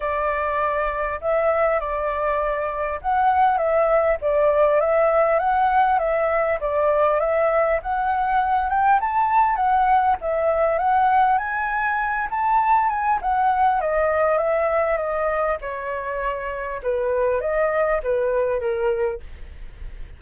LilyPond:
\new Staff \with { instrumentName = "flute" } { \time 4/4 \tempo 4 = 100 d''2 e''4 d''4~ | d''4 fis''4 e''4 d''4 | e''4 fis''4 e''4 d''4 | e''4 fis''4. g''8 a''4 |
fis''4 e''4 fis''4 gis''4~ | gis''8 a''4 gis''8 fis''4 dis''4 | e''4 dis''4 cis''2 | b'4 dis''4 b'4 ais'4 | }